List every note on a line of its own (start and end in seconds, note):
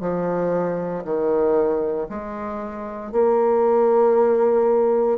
0.00 1.03 F3
1.04 2.07 D#3
2.09 3.11 G#3
3.11 5.18 A#3